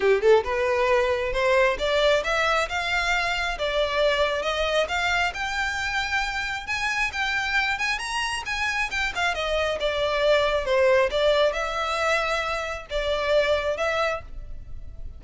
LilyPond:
\new Staff \with { instrumentName = "violin" } { \time 4/4 \tempo 4 = 135 g'8 a'8 b'2 c''4 | d''4 e''4 f''2 | d''2 dis''4 f''4 | g''2. gis''4 |
g''4. gis''8 ais''4 gis''4 | g''8 f''8 dis''4 d''2 | c''4 d''4 e''2~ | e''4 d''2 e''4 | }